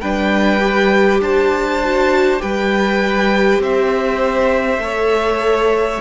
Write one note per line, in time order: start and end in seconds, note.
0.00 1.20 G3
0.00 0.59 D4
0.00 1.20 B4
0.00 1.20 G5
0.59 1.79 G4
1.20 2.40 D4
1.20 2.41 C5
1.20 2.41 A5
1.84 2.39 F#4
2.39 3.59 G3
2.39 4.79 G4
2.39 3.61 B4
2.39 3.61 G5
3.59 4.78 C4
3.59 4.83 C5
3.59 6.00 E5
4.78 5.98 A3
4.78 6.00 A4
4.78 6.00 C#5